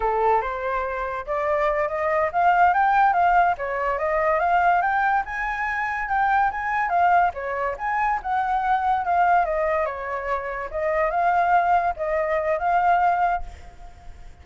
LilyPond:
\new Staff \with { instrumentName = "flute" } { \time 4/4 \tempo 4 = 143 a'4 c''2 d''4~ | d''8 dis''4 f''4 g''4 f''8~ | f''8 cis''4 dis''4 f''4 g''8~ | g''8 gis''2 g''4 gis''8~ |
gis''8 f''4 cis''4 gis''4 fis''8~ | fis''4. f''4 dis''4 cis''8~ | cis''4. dis''4 f''4.~ | f''8 dis''4. f''2 | }